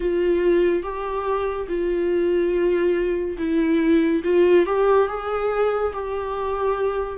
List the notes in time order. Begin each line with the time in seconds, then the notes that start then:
0.00 F4
0.82 G4
1.68 F4
3.38 E4
4.24 F4
4.66 G4
5.08 G#4
5.93 G4